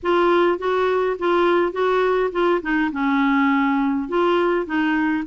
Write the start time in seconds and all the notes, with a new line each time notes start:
0.02 F4
0.58 F#4
1.18 F4
1.72 F#4
2.32 F4
2.61 D#4
2.92 C#4
4.08 F4
4.65 D#4